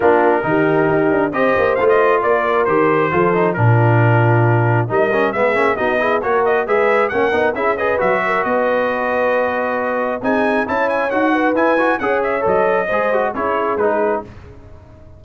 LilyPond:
<<
  \new Staff \with { instrumentName = "trumpet" } { \time 4/4 \tempo 4 = 135 ais'2. dis''4 | f''16 dis''8. d''4 c''2 | ais'2. dis''4 | e''4 dis''4 cis''8 dis''8 e''4 |
fis''4 e''8 dis''8 e''4 dis''4~ | dis''2. gis''4 | a''8 gis''8 fis''4 gis''4 fis''8 e''8 | dis''2 cis''4 b'4 | }
  \new Staff \with { instrumentName = "horn" } { \time 4/4 f'4 g'2 c''4~ | c''4 ais'2 a'4 | f'2. ais'4 | gis'4 fis'8 gis'8 ais'4 b'4 |
ais'4 gis'8 b'4 ais'8 b'4~ | b'2. gis'4 | cis''4. b'4. cis''4~ | cis''4 c''4 gis'2 | }
  \new Staff \with { instrumentName = "trombone" } { \time 4/4 d'4 dis'2 g'4 | f'2 g'4 f'8 dis'8 | d'2. dis'8 cis'8 | b8 cis'8 dis'8 e'8 fis'4 gis'4 |
cis'8 dis'8 e'8 gis'8 fis'2~ | fis'2. dis'4 | e'4 fis'4 e'8 fis'8 gis'4 | a'4 gis'8 fis'8 e'4 dis'4 | }
  \new Staff \with { instrumentName = "tuba" } { \time 4/4 ais4 dis4 dis'8 d'8 c'8 ais8 | a4 ais4 dis4 f4 | ais,2. g4 | gis8 ais8 b4 ais4 gis4 |
ais8 b8 cis'4 fis4 b4~ | b2. c'4 | cis'4 dis'4 e'4 cis'4 | fis4 gis4 cis'4 gis4 | }
>>